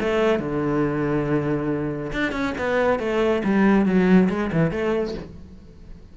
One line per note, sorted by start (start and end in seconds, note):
0.00 0.39 A3
0.39 2.12 D3
2.12 2.32 D4
2.32 2.54 C#4
2.58 2.99 B3
2.99 3.42 A3
3.44 3.86 G3
3.86 4.29 F#3
4.29 4.51 G#3
4.52 4.71 E3
4.71 5.15 A3